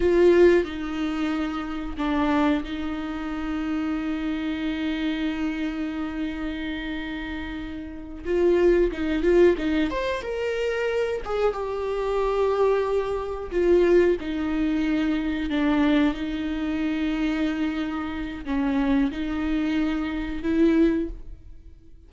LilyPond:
\new Staff \with { instrumentName = "viola" } { \time 4/4 \tempo 4 = 91 f'4 dis'2 d'4 | dis'1~ | dis'1~ | dis'8 f'4 dis'8 f'8 dis'8 c''8 ais'8~ |
ais'4 gis'8 g'2~ g'8~ | g'8 f'4 dis'2 d'8~ | d'8 dis'2.~ dis'8 | cis'4 dis'2 e'4 | }